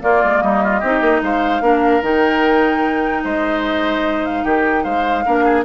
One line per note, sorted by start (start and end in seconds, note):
0.00 0.81 A#3
0.00 0.23 A#3
0.00 0.43 F4
0.00 0.42 D5
0.24 0.42 G#3
0.42 0.82 G3
0.42 0.63 D#4
0.42 1.22 D#5
0.63 0.80 F4
0.80 1.01 C4
0.80 1.62 D#4
0.80 1.20 G4
1.01 1.21 A#3
1.22 1.61 G#3
1.22 1.62 C5
1.22 2.04 F5
1.61 2.01 A#3
1.61 2.02 D4
1.61 3.24 A#4
2.02 3.23 D#3
2.02 5.24 D#4
2.02 3.25 G5
3.24 4.45 G#3
3.24 4.44 C5
3.24 4.25 D#5
4.25 4.44 F5
4.44 4.85 D#3
4.44 4.84 G4
4.44 4.84 G5
4.84 5.25 G#3
4.84 5.24 C5
4.84 5.64 F5
5.25 5.65 A#3
5.25 5.65 D4
5.25 5.44 A#4
5.44 5.64 G#4